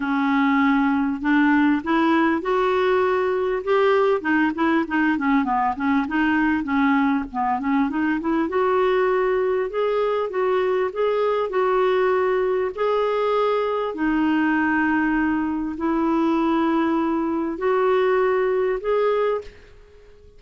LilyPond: \new Staff \with { instrumentName = "clarinet" } { \time 4/4 \tempo 4 = 99 cis'2 d'4 e'4 | fis'2 g'4 dis'8 e'8 | dis'8 cis'8 b8 cis'8 dis'4 cis'4 | b8 cis'8 dis'8 e'8 fis'2 |
gis'4 fis'4 gis'4 fis'4~ | fis'4 gis'2 dis'4~ | dis'2 e'2~ | e'4 fis'2 gis'4 | }